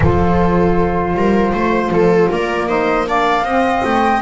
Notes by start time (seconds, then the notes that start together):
0.00 F3 F4 A4 C5
1.14 G3 A#4
1.52 A3 C5
1.89 F3 A4
2.30 A#3 A#4 D5
2.67 D#4 C5 D#5
3.05 D4 D5 F5
3.43 C4 D#5
3.84 A3 G5